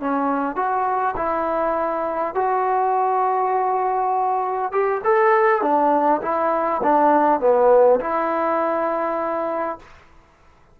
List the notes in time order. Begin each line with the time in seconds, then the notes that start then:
0.00 C#4
0.56 F#4
1.17 E4
2.34 F#4
4.72 G4
5.04 A4
5.62 D4
6.22 E4
6.83 D4
7.40 B3
8.00 E4